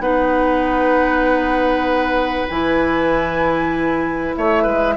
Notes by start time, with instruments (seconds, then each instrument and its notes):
0.00 bassoon B3, clarinet D#4, oboe B4, flute F#5
2.49 bassoon E3, clarinet E4, flute G#5
4.36 bassoon A3, oboe C#5, flute E5
4.63 bassoon G#3, oboe B4